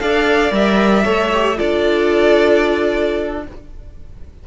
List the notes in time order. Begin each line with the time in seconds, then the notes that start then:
0.00 D4 A4 D5 F5
0.51 G3 A#4 E5
1.04 A3 A4 C#5
1.34 G4
1.57 D4 F4 A4 D5